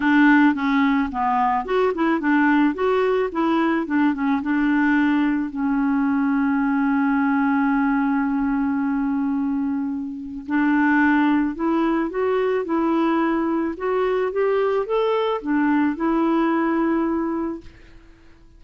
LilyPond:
\new Staff \with { instrumentName = "clarinet" } { \time 4/4 \tempo 4 = 109 d'4 cis'4 b4 fis'8 e'8 | d'4 fis'4 e'4 d'8 cis'8 | d'2 cis'2~ | cis'1~ |
cis'2. d'4~ | d'4 e'4 fis'4 e'4~ | e'4 fis'4 g'4 a'4 | d'4 e'2. | }